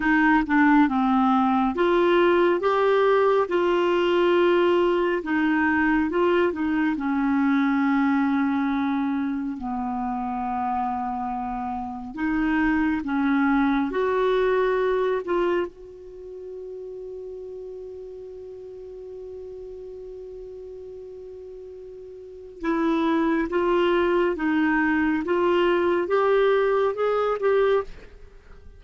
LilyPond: \new Staff \with { instrumentName = "clarinet" } { \time 4/4 \tempo 4 = 69 dis'8 d'8 c'4 f'4 g'4 | f'2 dis'4 f'8 dis'8 | cis'2. b4~ | b2 dis'4 cis'4 |
fis'4. f'8 fis'2~ | fis'1~ | fis'2 e'4 f'4 | dis'4 f'4 g'4 gis'8 g'8 | }